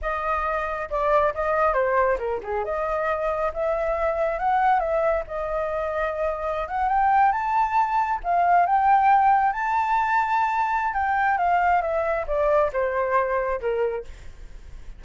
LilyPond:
\new Staff \with { instrumentName = "flute" } { \time 4/4 \tempo 4 = 137 dis''2 d''4 dis''4 | c''4 ais'8 gis'8 dis''2 | e''2 fis''4 e''4 | dis''2.~ dis''16 fis''8 g''16~ |
g''8. a''2 f''4 g''16~ | g''4.~ g''16 a''2~ a''16~ | a''4 g''4 f''4 e''4 | d''4 c''2 ais'4 | }